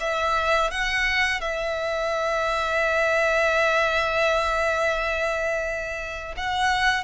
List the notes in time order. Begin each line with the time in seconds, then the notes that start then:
0.00 E5
0.71 F#5
1.41 E5
6.37 F#5